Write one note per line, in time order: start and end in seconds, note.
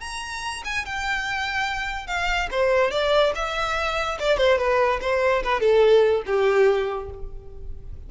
0.00 0.62 A#5
0.64 0.85 G#5
0.85 2.07 G5
2.07 2.48 F5
2.51 2.91 C5
2.91 3.32 D5
3.34 4.18 E5
4.19 4.37 D5
4.37 4.58 C5
4.58 4.99 B4
5.01 5.42 C5
5.43 5.60 B4
5.60 6.22 A4
6.26 7.09 G4